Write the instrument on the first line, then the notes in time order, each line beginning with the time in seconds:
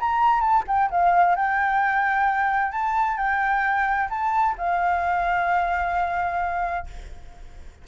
flute
0.00 A#5
0.41 A5
0.68 G5
0.91 F5
1.36 G5
2.72 A5
3.17 G5
4.10 A5
4.58 F5